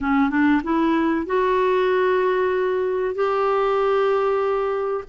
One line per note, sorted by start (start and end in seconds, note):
0.01 0.30 C#4
0.30 0.61 D4
0.63 1.25 E4
1.25 3.14 F#4
3.14 5.04 G4